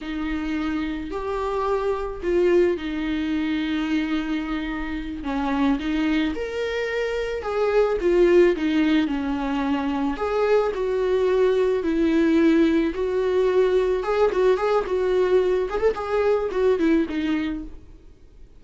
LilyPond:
\new Staff \with { instrumentName = "viola" } { \time 4/4 \tempo 4 = 109 dis'2 g'2 | f'4 dis'2.~ | dis'4. cis'4 dis'4 ais'8~ | ais'4. gis'4 f'4 dis'8~ |
dis'8 cis'2 gis'4 fis'8~ | fis'4. e'2 fis'8~ | fis'4. gis'8 fis'8 gis'8 fis'4~ | fis'8 gis'16 a'16 gis'4 fis'8 e'8 dis'4 | }